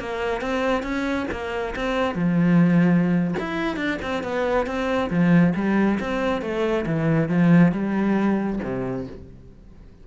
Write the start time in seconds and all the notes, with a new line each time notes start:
0.00 A#3
0.42 C4
0.83 C#4
1.32 A#3
1.76 C4
2.15 F3
3.40 E4
3.77 D4
4.03 C4
4.24 B3
4.67 C4
5.11 F3
5.56 G3
6.00 C4
6.42 A3
6.86 E3
7.29 F3
7.73 G3
8.64 C3